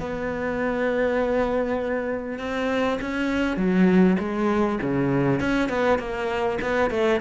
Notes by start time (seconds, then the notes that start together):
0.00 B3
2.39 C4
3.02 C#4
3.57 F#3
4.20 G#3
4.82 C#3
5.40 C#4
5.70 B3
5.99 A#3
6.62 B3
6.91 A3